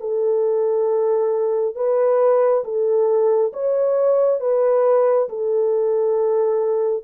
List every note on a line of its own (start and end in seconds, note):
0.00 1.75 A4
1.75 2.64 B4
2.64 3.52 A4
3.53 4.40 C#5
4.40 5.28 B4
5.29 7.03 A4